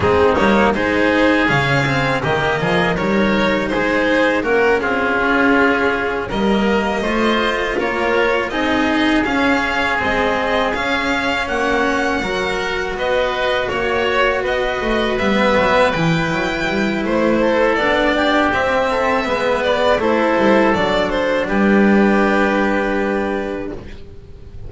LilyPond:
<<
  \new Staff \with { instrumentName = "violin" } { \time 4/4 \tempo 4 = 81 gis'8 cis''8 c''4 f''4 dis''4 | cis''4 c''4 ais'8 gis'4.~ | gis'8 dis''2 cis''4 dis''8~ | dis''8 f''4 dis''4 f''4 fis''8~ |
fis''4. dis''4 cis''4 dis''8~ | dis''8 e''4 g''4. c''4 | d''4 e''4. d''8 c''4 | d''8 c''8 b'2. | }
  \new Staff \with { instrumentName = "oboe" } { \time 4/4 dis'4 gis'2 g'8 gis'8 | ais'4 gis'4 fis'8 f'4.~ | f'8 ais'4 c''4 ais'4 gis'8~ | gis'2.~ gis'8 fis'8~ |
fis'8 ais'4 b'4 cis''4 b'8~ | b'2.~ b'8 a'8~ | a'8 g'4 a'8 b'4 a'4~ | a'4 g'2. | }
  \new Staff \with { instrumentName = "cello" } { \time 4/4 c'8 ais8 dis'4 cis'8 c'8 ais4 | dis'2 cis'2~ | cis'8 ais4 f'2 dis'8~ | dis'8 cis'4 c'4 cis'4.~ |
cis'8 fis'2.~ fis'8~ | fis'8 b4 e'2~ e'8 | d'4 c'4 b4 e'4 | d'1 | }
  \new Staff \with { instrumentName = "double bass" } { \time 4/4 gis8 g8 gis4 cis4 dis8 f8 | g4 gis4 ais8 c'8 cis'4~ | cis'8 g4 a4 ais4 c'8~ | c'8 cis'4 gis4 cis'4 ais8~ |
ais8 fis4 b4 ais4 b8 | a8 g8 fis8 e8 fis8 g8 a4 | b4 c'4 gis4 a8 g8 | fis4 g2. | }
>>